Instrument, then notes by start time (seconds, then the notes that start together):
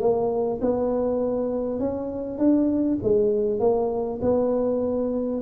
tuba
0.00 A#3
0.62 B3
1.80 C#4
2.38 D4
3.03 G#3
3.60 A#3
4.22 B3